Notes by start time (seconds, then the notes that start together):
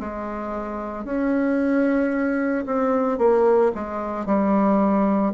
0.00 G#3
1.05 C#4
2.66 C4
3.19 A#3
3.75 G#3
4.26 G3